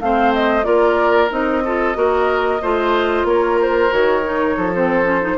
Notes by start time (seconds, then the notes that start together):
0.00 A3 C4 C5 F5
0.34 D#5
0.63 A#3 F4 A#4 D5
1.30 C4 D#4 D#5
1.64 F4 A4
1.94 A#3 F#4 A#4
2.61 A3 F4 C5
3.23 A#3 A#4 C#5
3.61 C5
3.90 D#3 F#4 C#5
4.23 D#4
4.56 F3 A4
4.74 C4 C5
5.03 C#4
5.21 D#4